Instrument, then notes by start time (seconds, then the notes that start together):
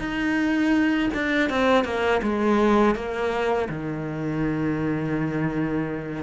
cello
0.00 D#4
1.14 D4
1.50 C4
1.85 A#3
2.23 G#3
2.96 A#3
3.70 D#3